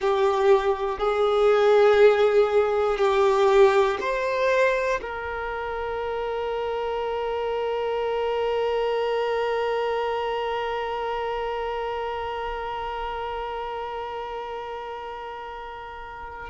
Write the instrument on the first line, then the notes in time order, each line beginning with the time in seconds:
violin
0.00 G4
0.99 G#4
2.98 G4
4.00 C5
5.01 A#4